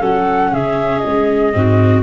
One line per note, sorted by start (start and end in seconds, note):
0.00 0.52 F#3
0.00 1.54 C#4
0.00 0.51 A4
0.00 0.54 F#5
0.52 1.04 C#3
0.52 1.55 G#4
0.52 1.00 E5
1.00 2.02 D#5
1.06 1.55 G#3
1.54 2.04 G#2
1.54 2.04 C4
1.54 2.04 F#4